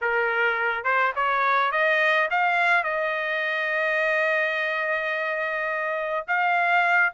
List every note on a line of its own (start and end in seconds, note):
0.01 0.84 A#4
0.84 1.12 C5
1.15 1.71 C#5
1.71 2.28 D#5
2.30 2.83 F5
2.83 6.26 D#5
6.27 7.13 F5